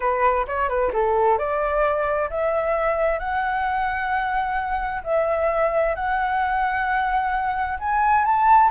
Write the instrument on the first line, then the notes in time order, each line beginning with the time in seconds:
flute
0.00 B4
0.47 C#5
0.68 B4
0.93 A4
1.38 D5
2.29 E5
3.19 F#5
5.03 E5
5.95 F#5
7.79 G#5
8.24 A5